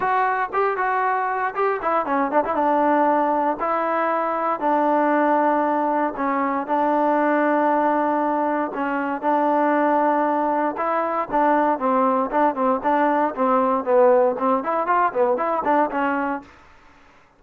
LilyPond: \new Staff \with { instrumentName = "trombone" } { \time 4/4 \tempo 4 = 117 fis'4 g'8 fis'4. g'8 e'8 | cis'8 d'16 e'16 d'2 e'4~ | e'4 d'2. | cis'4 d'2.~ |
d'4 cis'4 d'2~ | d'4 e'4 d'4 c'4 | d'8 c'8 d'4 c'4 b4 | c'8 e'8 f'8 b8 e'8 d'8 cis'4 | }